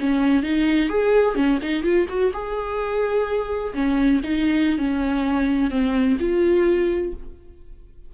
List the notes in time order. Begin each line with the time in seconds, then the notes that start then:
0.00 C#4
0.43 D#4
0.89 G#4
1.36 C#4
1.62 D#4
1.83 F4
2.09 F#4
2.33 G#4
3.74 C#4
4.24 D#4
4.78 C#4
5.70 C4
6.20 F4